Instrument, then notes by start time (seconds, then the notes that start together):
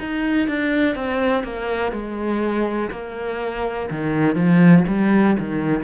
cello
0.00 D#4
0.48 D4
0.95 C4
1.44 A#3
1.92 G#3
2.91 A#3
3.91 D#3
4.35 F3
4.88 G3
5.40 D#3